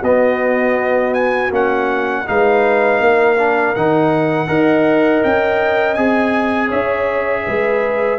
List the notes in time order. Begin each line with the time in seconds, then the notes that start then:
0.00 B3 F#4 D#5
1.14 G#5
1.51 A#3 C#4 F#5
2.26 G#3 D#4 B4 F5
3.00 A#3 A#4
3.38 D4
3.75 D#3 D#4 F#5
4.47 D#4 A#4 D#5
5.23 C#4 G5
5.94 C4 G#4 G#5
6.68 C#4 C#5 E5
7.46 G#3 B4